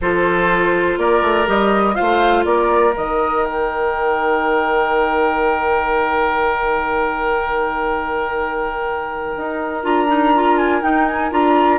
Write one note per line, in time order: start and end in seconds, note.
0.01 0.97 F3
0.01 1.46 F4
0.01 0.99 A4
0.01 0.98 C5
0.97 1.22 A#3
0.97 1.95 A#4
0.97 1.48 D5
1.22 1.46 A3
1.46 1.96 G3
1.46 1.94 G4
1.46 1.95 D#5
1.94 2.92 F4
1.94 2.44 C5
1.94 2.44 F5
2.01 2.44 A3
2.44 2.93 A#3
2.44 11.78 A#4
2.44 2.94 D5
2.92 9.36 D#3
2.92 9.80 D#4
2.92 3.44 D#5
3.44 9.84 G5
9.36 9.84 D#4
9.83 10.82 D4
9.83 10.07 F4
9.83 10.57 A#5
10.08 10.32 D#4
10.35 10.82 F4
10.57 10.82 G#5
10.82 11.30 D#4
10.82 11.31 D#4
10.82 11.06 G5
11.07 11.31 G#5
11.30 11.78 D4
11.30 11.78 F4
11.30 11.78 A#5